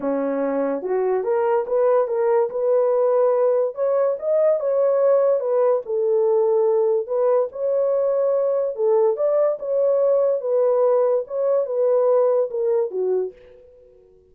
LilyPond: \new Staff \with { instrumentName = "horn" } { \time 4/4 \tempo 4 = 144 cis'2 fis'4 ais'4 | b'4 ais'4 b'2~ | b'4 cis''4 dis''4 cis''4~ | cis''4 b'4 a'2~ |
a'4 b'4 cis''2~ | cis''4 a'4 d''4 cis''4~ | cis''4 b'2 cis''4 | b'2 ais'4 fis'4 | }